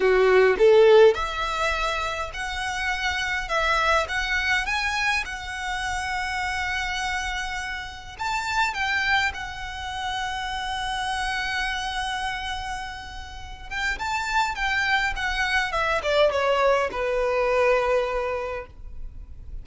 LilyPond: \new Staff \with { instrumentName = "violin" } { \time 4/4 \tempo 4 = 103 fis'4 a'4 e''2 | fis''2 e''4 fis''4 | gis''4 fis''2.~ | fis''2 a''4 g''4 |
fis''1~ | fis''2.~ fis''8 g''8 | a''4 g''4 fis''4 e''8 d''8 | cis''4 b'2. | }